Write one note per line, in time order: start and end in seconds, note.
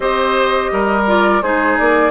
0.00 0.69 C4
0.00 1.03 G4
0.00 0.71 C5
0.00 1.04 D#5
0.71 1.41 G3
0.71 1.42 A#4
1.06 1.42 F4
1.06 1.41 D5
1.41 1.76 G#3
1.41 2.10 D#4
1.41 2.10 G#4
1.41 1.77 C5
1.77 2.10 A#3
1.77 2.10 D5